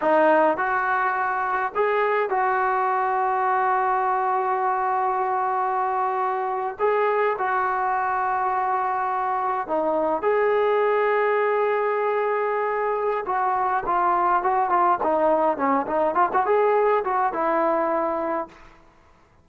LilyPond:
\new Staff \with { instrumentName = "trombone" } { \time 4/4 \tempo 4 = 104 dis'4 fis'2 gis'4 | fis'1~ | fis'2.~ fis'8. gis'16~ | gis'8. fis'2.~ fis'16~ |
fis'8. dis'4 gis'2~ gis'16~ | gis'2. fis'4 | f'4 fis'8 f'8 dis'4 cis'8 dis'8 | f'16 fis'16 gis'4 fis'8 e'2 | }